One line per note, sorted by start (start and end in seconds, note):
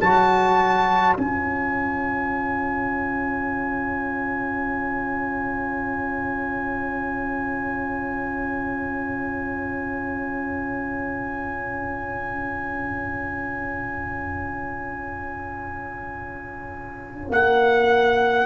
0.00 1.16 F#3
0.00 1.17 F#4
0.00 18.46 C#5
0.00 1.15 A5
1.17 17.30 C#4
1.17 18.46 F4
1.17 17.32 G#5
17.30 18.45 A#3
17.30 18.46 F#5